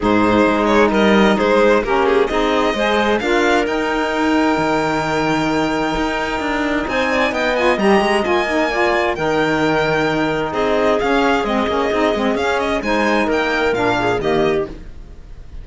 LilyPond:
<<
  \new Staff \with { instrumentName = "violin" } { \time 4/4 \tempo 4 = 131 c''4. cis''8 dis''4 c''4 | ais'8 gis'8 dis''2 f''4 | g''1~ | g''2. gis''4 |
g''8 gis''8 ais''4 gis''2 | g''2. dis''4 | f''4 dis''2 f''8 dis''8 | gis''4 g''4 f''4 dis''4 | }
  \new Staff \with { instrumentName = "clarinet" } { \time 4/4 gis'2 ais'4 gis'4 | g'4 gis'4 c''4 ais'4~ | ais'1~ | ais'2. c''8 d''8 |
dis''2. d''4 | ais'2. gis'4~ | gis'1 | c''4 ais'4. gis'8 g'4 | }
  \new Staff \with { instrumentName = "saxophone" } { \time 4/4 dis'1 | cis'4 dis'4 gis'4 f'4 | dis'1~ | dis'1~ |
dis'8 f'8 g'4 f'8 dis'8 f'4 | dis'1 | cis'4 c'8 cis'8 dis'8 c'8 cis'4 | dis'2 d'4 ais4 | }
  \new Staff \with { instrumentName = "cello" } { \time 4/4 gis,4 gis4 g4 gis4 | ais4 c'4 gis4 d'4 | dis'2 dis2~ | dis4 dis'4 d'4 c'4 |
b4 g8 gis8 ais2 | dis2. c'4 | cis'4 gis8 ais8 c'8 gis8 cis'4 | gis4 ais4 ais,4 dis4 | }
>>